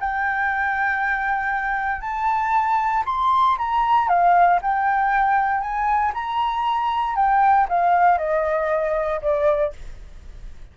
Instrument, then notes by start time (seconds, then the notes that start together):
flute
0.00 G5
2.01 A5
3.06 C6
3.58 A#5
4.08 F5
4.62 G5
5.61 G#5
6.14 A#5
7.16 G5
7.69 F5
8.18 D#5
9.22 D5